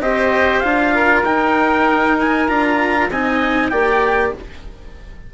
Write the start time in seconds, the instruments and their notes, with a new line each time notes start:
0.00 bassoon C4, cello G4, oboe C5, trumpet D#5
0.59 bassoon D4, cello F4, trumpet F5
0.94 oboe A#4
1.23 bassoon D#4, cello D#4, trumpet G5
2.19 trumpet G#5
2.48 bassoon D4, cello F4, trumpet A#5
3.09 bassoon C4, cello D#4, oboe D#5, trumpet G#5
3.69 bassoon A#3, cello G4, oboe D5, trumpet G5